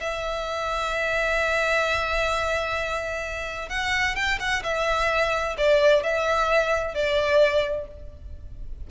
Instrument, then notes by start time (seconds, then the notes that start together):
violin
0.00 E5
3.69 F#5
4.16 G5
4.40 F#5
4.63 E5
5.58 D5
6.03 E5
6.94 D5